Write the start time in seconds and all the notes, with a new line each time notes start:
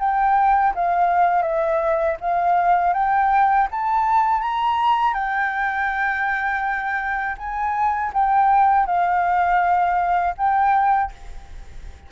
0.00 G5
0.75 F5
1.43 E5
2.21 F5
2.94 G5
3.71 A5
4.42 A#5
5.14 G5
7.38 G#5
8.14 G5
8.87 F5
10.38 G5